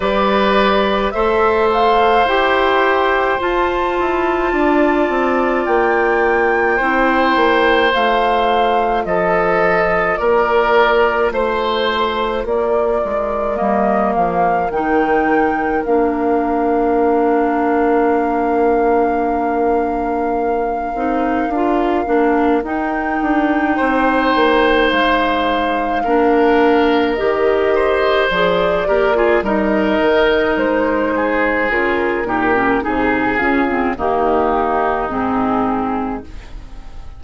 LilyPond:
<<
  \new Staff \with { instrumentName = "flute" } { \time 4/4 \tempo 4 = 53 d''4 e''8 f''8 g''4 a''4~ | a''4 g''2 f''4 | dis''4 d''4 c''4 d''4 | dis''8 f''8 g''4 f''2~ |
f''1 | g''2 f''2 | dis''4 d''4 dis''4 c''4 | ais'4 gis'8 f'8 g'4 gis'4 | }
  \new Staff \with { instrumentName = "oboe" } { \time 4/4 b'4 c''2. | d''2 c''2 | a'4 ais'4 c''4 ais'4~ | ais'1~ |
ais'1~ | ais'4 c''2 ais'4~ | ais'8 c''4 ais'16 gis'16 ais'4. gis'8~ | gis'8 g'8 gis'4 dis'2 | }
  \new Staff \with { instrumentName = "clarinet" } { \time 4/4 g'4 a'4 g'4 f'4~ | f'2 e'4 f'4~ | f'1 | ais4 dis'4 d'2~ |
d'2~ d'8 dis'8 f'8 d'8 | dis'2. d'4 | g'4 gis'8 g'16 f'16 dis'2 | f'8 dis'16 cis'16 dis'8 cis'16 c'16 ais4 c'4 | }
  \new Staff \with { instrumentName = "bassoon" } { \time 4/4 g4 a4 e'4 f'8 e'8 | d'8 c'8 ais4 c'8 ais8 a4 | f4 ais4 a4 ais8 gis8 | g8 f8 dis4 ais2~ |
ais2~ ais8 c'8 d'8 ais8 | dis'8 d'8 c'8 ais8 gis4 ais4 | dis4 f8 ais8 g8 dis8 gis4 | cis8 ais,8 c8 cis8 dis4 gis,4 | }
>>